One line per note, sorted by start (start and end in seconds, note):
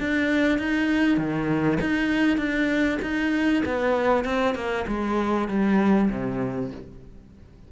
0.00 0.59 D4
0.59 1.18 D#4
1.18 1.79 D#3
1.81 2.38 D#4
2.38 2.99 D4
3.02 3.63 D#4
3.66 4.25 B3
4.25 4.55 C4
4.55 4.86 A#3
4.88 5.49 G#3
5.49 6.10 G3
6.10 6.72 C3